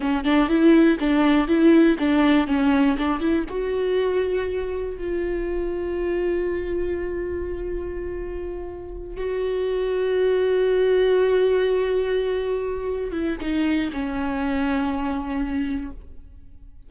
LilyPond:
\new Staff \with { instrumentName = "viola" } { \time 4/4 \tempo 4 = 121 cis'8 d'8 e'4 d'4 e'4 | d'4 cis'4 d'8 e'8 fis'4~ | fis'2 f'2~ | f'1~ |
f'2~ f'8 fis'4.~ | fis'1~ | fis'2~ fis'8 e'8 dis'4 | cis'1 | }